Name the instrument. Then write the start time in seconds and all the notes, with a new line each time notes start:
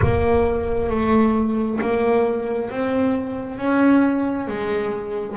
double bass
0.02 A#3
0.90 A3
1.81 A#3
2.70 C4
3.58 C#4
4.47 G#3